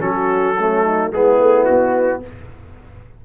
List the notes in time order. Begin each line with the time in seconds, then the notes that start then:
0.00 F#3 C#4 F#4 A4
0.58 A3 C#4
0.84 D#4
1.12 G#3 B3 E4 G#4
1.40 A3
1.66 B3 F#4